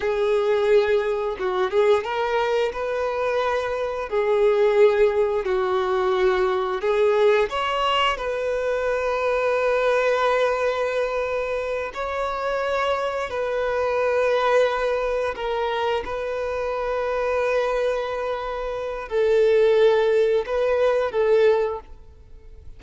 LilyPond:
\new Staff \with { instrumentName = "violin" } { \time 4/4 \tempo 4 = 88 gis'2 fis'8 gis'8 ais'4 | b'2 gis'2 | fis'2 gis'4 cis''4 | b'1~ |
b'4. cis''2 b'8~ | b'2~ b'8 ais'4 b'8~ | b'1 | a'2 b'4 a'4 | }